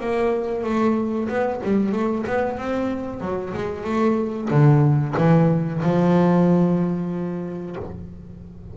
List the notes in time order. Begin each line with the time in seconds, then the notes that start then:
0.00 A#3
0.64 A3
1.28 B3
1.63 G3
1.92 A3
2.26 B3
2.57 C4
3.21 F#3
3.54 G#3
3.84 A3
4.50 D3
5.17 E3
5.82 F3